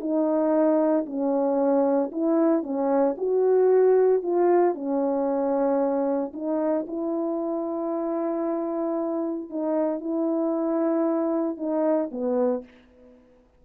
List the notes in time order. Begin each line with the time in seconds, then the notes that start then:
0.00 D#4
1.06 C#4
2.12 E4
2.63 C#4
3.17 F#4
4.23 F4
4.75 C#4
6.33 D#4
6.87 E4
9.50 D#4
10.00 E4
11.57 D#4
12.11 B3